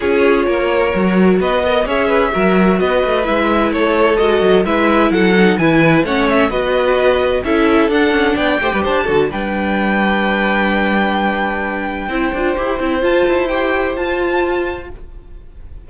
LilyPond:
<<
  \new Staff \with { instrumentName = "violin" } { \time 4/4 \tempo 4 = 129 cis''2. dis''4 | e''2 dis''4 e''4 | cis''4 dis''4 e''4 fis''4 | gis''4 fis''8 e''8 dis''2 |
e''4 fis''4 g''4 a''4 | g''1~ | g''1 | a''4 g''4 a''2 | }
  \new Staff \with { instrumentName = "violin" } { \time 4/4 gis'4 ais'2 b'8 dis''8 | cis''8 b'8 ais'4 b'2 | a'2 b'4 a'4 | b'4 cis''4 b'2 |
a'2 d''8 c''16 b'16 c''8 a'8 | b'1~ | b'2 c''2~ | c''1 | }
  \new Staff \with { instrumentName = "viola" } { \time 4/4 f'2 fis'4. ais'8 | gis'4 fis'2 e'4~ | e'4 fis'4 e'4. dis'8 | e'4 cis'4 fis'2 |
e'4 d'4. g'4 fis'8 | d'1~ | d'2 e'8 f'8 g'8 e'8 | f'4 g'4 f'2 | }
  \new Staff \with { instrumentName = "cello" } { \time 4/4 cis'4 ais4 fis4 b4 | cis'4 fis4 b8 a8 gis4 | a4 gis8 fis8 gis4 fis4 | e4 a4 b2 |
cis'4 d'8 cis'8 b8 a16 g16 d'8 d8 | g1~ | g2 c'8 d'8 e'8 c'8 | f'8 e'4. f'2 | }
>>